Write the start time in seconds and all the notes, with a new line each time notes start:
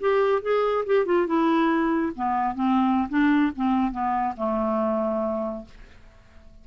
0.00 G4
0.42 G#4
0.86 G4
1.06 F4
1.27 E4
2.16 B3
2.55 C4
3.09 D4
3.56 C4
3.92 B3
4.37 A3